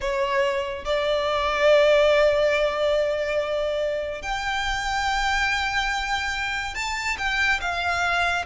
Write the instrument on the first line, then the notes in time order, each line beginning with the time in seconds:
violin
0.00 C#5
0.85 D5
4.21 G5
6.74 A5
7.18 G5
7.61 F5